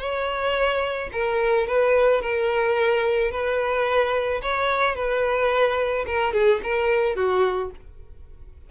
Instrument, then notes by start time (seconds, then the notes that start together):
violin
0.00 C#5
1.13 A#4
1.68 B4
2.22 A#4
3.32 B4
4.43 C#5
4.96 B4
6.07 A#4
6.34 G#4
6.64 A#4
7.16 F#4